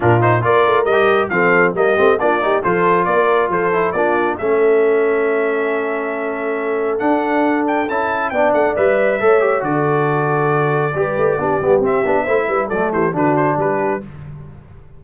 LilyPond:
<<
  \new Staff \with { instrumentName = "trumpet" } { \time 4/4 \tempo 4 = 137 ais'8 c''8 d''4 dis''4 f''4 | dis''4 d''4 c''4 d''4 | c''4 d''4 e''2~ | e''1 |
fis''4. g''8 a''4 g''8 fis''8 | e''2 d''2~ | d''2. e''4~ | e''4 d''8 c''8 b'8 c''8 b'4 | }
  \new Staff \with { instrumentName = "horn" } { \time 4/4 f'4 ais'2 a'4 | g'4 f'8 g'8 a'4 ais'4 | a'4 f'4 a'2~ | a'1~ |
a'2. d''4~ | d''4 cis''4 a'2~ | a'4 b'4 g'2 | c''8 b'8 a'8 g'8 fis'4 g'4 | }
  \new Staff \with { instrumentName = "trombone" } { \time 4/4 d'8 dis'8 f'4 g'4 c'4 | ais8 c'8 d'8 dis'8 f'2~ | f'8 e'8 d'4 cis'2~ | cis'1 |
d'2 e'4 d'4 | b'4 a'8 g'8 fis'2~ | fis'4 g'4 d'8 b8 c'8 d'8 | e'4 a4 d'2 | }
  \new Staff \with { instrumentName = "tuba" } { \time 4/4 ais,4 ais8 a8 g4 f4 | g8 a8 ais4 f4 ais4 | f4 ais4 a2~ | a1 |
d'2 cis'4 b8 a8 | g4 a4 d2~ | d4 g8 a8 b8 g8 c'8 b8 | a8 g8 fis8 e8 d4 g4 | }
>>